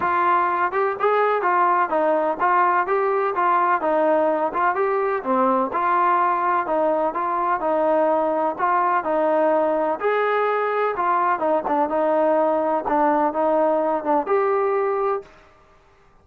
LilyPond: \new Staff \with { instrumentName = "trombone" } { \time 4/4 \tempo 4 = 126 f'4. g'8 gis'4 f'4 | dis'4 f'4 g'4 f'4 | dis'4. f'8 g'4 c'4 | f'2 dis'4 f'4 |
dis'2 f'4 dis'4~ | dis'4 gis'2 f'4 | dis'8 d'8 dis'2 d'4 | dis'4. d'8 g'2 | }